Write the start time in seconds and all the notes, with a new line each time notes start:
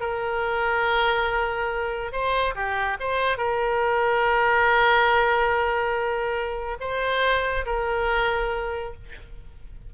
0.00 A#4
2.12 C5
2.55 G4
2.99 C5
3.37 A#4
6.80 C5
7.66 A#4